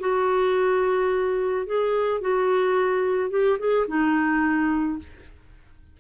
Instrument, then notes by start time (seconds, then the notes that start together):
clarinet
0.00 F#4
1.66 G#4
2.21 F#4
3.31 G4
3.59 G#4
3.88 D#4